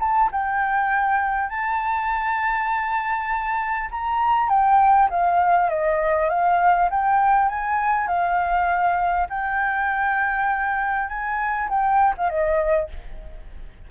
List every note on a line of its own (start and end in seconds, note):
0.00 0.30 A5
0.32 1.50 G5
1.50 3.90 A5
3.91 4.49 A#5
4.49 5.09 G5
5.10 5.70 F5
5.70 6.30 D#5
6.30 6.90 F5
6.91 7.49 G5
7.49 8.08 G#5
8.08 9.28 F5
9.30 11.09 G5
11.09 11.69 G#5
11.69 12.14 G5
12.18 12.30 F5
12.30 12.90 D#5